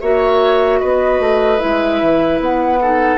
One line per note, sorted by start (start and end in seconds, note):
0.00 0.81 A#3
0.00 1.58 F#4
0.00 0.80 C#5
0.00 0.79 E5
0.79 1.19 B3
0.79 2.80 B4
0.79 1.59 D#5
1.19 1.59 A3
1.58 2.01 G#3
1.58 2.78 E4
1.58 2.39 E5
2.01 2.39 E3
2.39 3.18 B3
2.39 3.18 F#5
2.81 3.18 D#4
2.81 3.18 A4